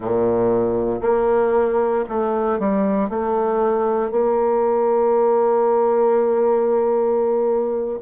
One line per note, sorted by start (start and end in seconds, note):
0.00 1.01 A#2
1.01 2.04 A#3
2.08 2.59 A3
2.59 3.09 G3
3.09 4.11 A3
4.11 7.99 A#3